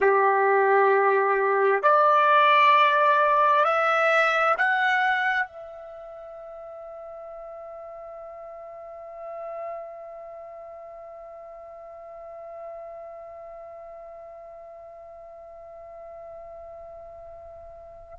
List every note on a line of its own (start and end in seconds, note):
0.00 1.82 G4
1.82 3.64 D5
3.64 4.55 E5
4.57 5.46 F#5
5.46 18.18 E5